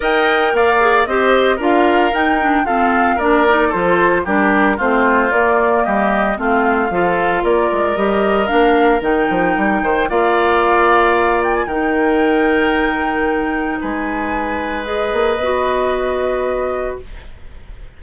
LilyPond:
<<
  \new Staff \with { instrumentName = "flute" } { \time 4/4 \tempo 4 = 113 g''4 f''4 dis''4 f''4 | g''4 f''4 d''4 c''4 | ais'4 c''4 d''4 dis''4 | f''2 d''4 dis''4 |
f''4 g''2 f''4~ | f''4. g''16 gis''16 g''2~ | g''2 gis''2 | dis''1 | }
  \new Staff \with { instrumentName = "oboe" } { \time 4/4 dis''4 d''4 c''4 ais'4~ | ais'4 a'4 ais'4 a'4 | g'4 f'2 g'4 | f'4 a'4 ais'2~ |
ais'2~ ais'8 c''8 d''4~ | d''2 ais'2~ | ais'2 b'2~ | b'1 | }
  \new Staff \with { instrumentName = "clarinet" } { \time 4/4 ais'4. gis'8 g'4 f'4 | dis'8 d'8 c'4 d'8 dis'8 f'4 | d'4 c'4 ais2 | c'4 f'2 g'4 |
d'4 dis'2 f'4~ | f'2 dis'2~ | dis'1 | gis'4 fis'2. | }
  \new Staff \with { instrumentName = "bassoon" } { \time 4/4 dis'4 ais4 c'4 d'4 | dis'4 f'4 ais4 f4 | g4 a4 ais4 g4 | a4 f4 ais8 gis8 g4 |
ais4 dis8 f8 g8 dis8 ais4~ | ais2 dis2~ | dis2 gis2~ | gis8 ais8 b2. | }
>>